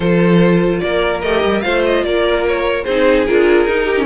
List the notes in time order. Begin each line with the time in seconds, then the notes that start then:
0.00 F3 F4 A4 C5
0.79 A#3 A#4 D5
1.21 A3 G4 D#5
1.43 G3
1.61 A3 F4 C5 F5
1.85 D#5
2.03 A#3 A#4 D5
2.47 C#5
2.84 C4 D#4 G#4 C5
3.26 D4 F4 A#4
3.65 D#4
3.84 G4
3.97 C#4